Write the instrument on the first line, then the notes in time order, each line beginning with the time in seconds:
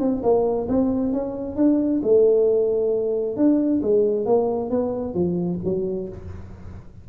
tuba
0.00 C4
0.23 A#3
0.69 C4
1.13 C#4
1.57 D4
2.03 A3
3.37 D4
3.83 G#3
4.26 A#3
4.71 B3
5.15 F3
5.64 F#3